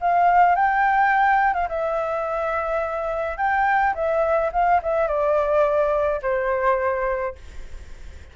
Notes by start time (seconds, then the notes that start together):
0.00 F5
0.55 G5
1.53 F5
1.68 E5
3.37 G5
3.94 E5
4.52 F5
4.82 E5
5.07 D5
6.22 C5